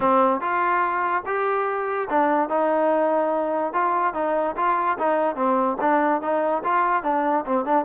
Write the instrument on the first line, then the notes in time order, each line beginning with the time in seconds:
trombone
0.00 C4
0.40 F4
1.25 G4
2.09 D4
2.49 D#4
3.73 F4
4.14 D#4
4.56 F4
4.98 D#4
5.35 C4
5.80 D4
6.21 D#4
6.64 F4
7.03 D4
7.45 C4
7.65 D4